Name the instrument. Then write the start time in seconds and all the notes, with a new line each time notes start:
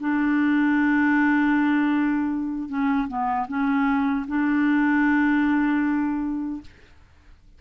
clarinet
0.00 D4
2.69 C#4
3.08 B3
3.48 C#4
4.28 D4